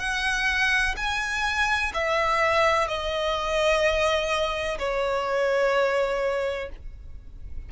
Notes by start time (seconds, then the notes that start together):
0.00 F#5
0.97 G#5
1.94 E5
2.88 D#5
4.79 C#5